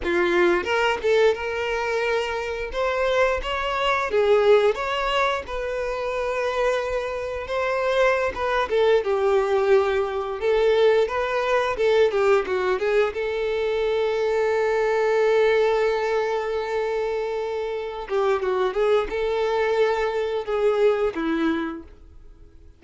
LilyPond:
\new Staff \with { instrumentName = "violin" } { \time 4/4 \tempo 4 = 88 f'4 ais'8 a'8 ais'2 | c''4 cis''4 gis'4 cis''4 | b'2. c''4~ | c''16 b'8 a'8 g'2 a'8.~ |
a'16 b'4 a'8 g'8 fis'8 gis'8 a'8.~ | a'1~ | a'2~ a'8 g'8 fis'8 gis'8 | a'2 gis'4 e'4 | }